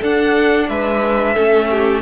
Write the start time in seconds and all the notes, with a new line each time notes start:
0.00 D4 A4 F#5
0.69 G#3 B4 E5
1.34 A3 C#4 A4
1.71 G4